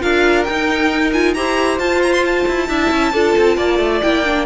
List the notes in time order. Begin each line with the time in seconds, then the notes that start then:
0.00 D4 F4 A#4 F5
0.43 D#4 G5
1.13 F4 G#5
1.34 E4 G4 C5 A#5
1.78 F4 A5
2.03 A#5
2.12 C6
2.24 A5
2.47 E4
2.68 D4 E4 E5
2.91 C#4
3.12 D4 F4 A4
3.37 C4
3.57 A#3 D5
3.79 A3
4.01 A#3 E4 G5
4.24 D4